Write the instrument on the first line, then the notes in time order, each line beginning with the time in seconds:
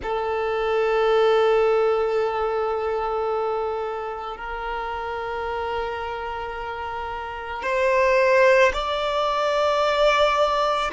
violin
0.02 A4
4.36 A#4
7.63 C5
8.73 D5